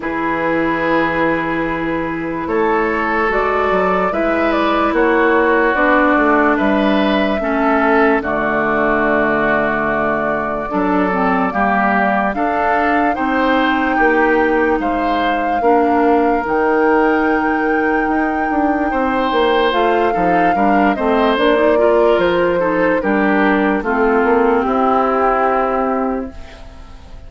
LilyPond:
<<
  \new Staff \with { instrumentName = "flute" } { \time 4/4 \tempo 4 = 73 b'2. cis''4 | d''4 e''8 d''8 cis''4 d''4 | e''2 d''2~ | d''2. f''4 |
g''2 f''2 | g''1 | f''4. dis''8 d''4 c''4 | ais'4 a'4 g'2 | }
  \new Staff \with { instrumentName = "oboe" } { \time 4/4 gis'2. a'4~ | a'4 b'4 fis'2 | b'4 a'4 fis'2~ | fis'4 a'4 g'4 a'4 |
c''4 g'4 c''4 ais'4~ | ais'2. c''4~ | c''8 a'8 ais'8 c''4 ais'4 a'8 | g'4 f'4 e'2 | }
  \new Staff \with { instrumentName = "clarinet" } { \time 4/4 e'1 | fis'4 e'2 d'4~ | d'4 cis'4 a2~ | a4 d'8 c'8 ais4 d'4 |
dis'2. d'4 | dis'1 | f'8 dis'8 d'8 c'8 d'16 dis'16 f'4 dis'8 | d'4 c'2. | }
  \new Staff \with { instrumentName = "bassoon" } { \time 4/4 e2. a4 | gis8 fis8 gis4 ais4 b8 a8 | g4 a4 d2~ | d4 fis4 g4 d'4 |
c'4 ais4 gis4 ais4 | dis2 dis'8 d'8 c'8 ais8 | a8 f8 g8 a8 ais4 f4 | g4 a8 ais8 c'2 | }
>>